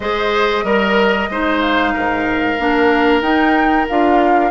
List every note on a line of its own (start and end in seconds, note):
0.00 0.63 G#3
0.00 0.65 G#4
0.00 0.64 C5
0.00 1.60 D#5
0.63 1.28 G3
0.63 1.29 A#4
0.63 1.30 A#4
1.29 1.93 G#3
1.29 2.58 D#4
1.29 1.93 C5
1.60 3.21 F5
1.93 2.59 G#2
1.93 4.50 A#4
2.58 3.21 A#3
2.58 3.22 D4
3.21 3.85 D#4
3.21 3.86 D#4
3.21 3.86 G5
3.89 4.50 D4
3.89 4.50 F4
3.89 4.50 F5